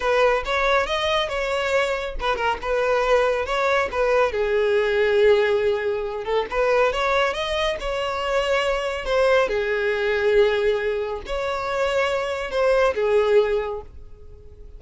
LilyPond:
\new Staff \with { instrumentName = "violin" } { \time 4/4 \tempo 4 = 139 b'4 cis''4 dis''4 cis''4~ | cis''4 b'8 ais'8 b'2 | cis''4 b'4 gis'2~ | gis'2~ gis'8 a'8 b'4 |
cis''4 dis''4 cis''2~ | cis''4 c''4 gis'2~ | gis'2 cis''2~ | cis''4 c''4 gis'2 | }